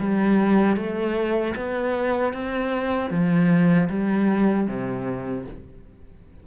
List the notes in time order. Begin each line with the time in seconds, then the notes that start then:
0.00 G3
0.77 A3
1.56 B3
2.33 C4
3.10 F3
3.89 G3
4.68 C3